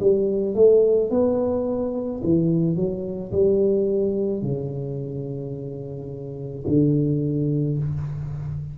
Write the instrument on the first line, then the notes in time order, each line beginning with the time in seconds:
tuba
0.00 G3
0.55 A3
1.11 B3
2.24 E3
2.76 F#3
3.32 G3
4.42 C#3
6.67 D3